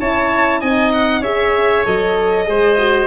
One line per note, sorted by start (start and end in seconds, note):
0.00 0.62 C#4
0.00 0.62 E4
0.00 0.60 C#5
0.00 0.61 A5
0.60 1.20 C4
0.60 1.24 D#4
0.60 1.21 D#5
0.60 0.91 G#5
0.93 1.23 F#5
1.20 1.82 C#4
1.20 1.85 G#4
1.20 2.44 C#5
1.20 1.85 E5
1.85 2.48 F#3
1.85 2.45 A4
1.85 3.07 D#5
2.45 3.07 G#3
2.45 2.76 G#4
2.45 3.07 C5
2.78 3.07 F#4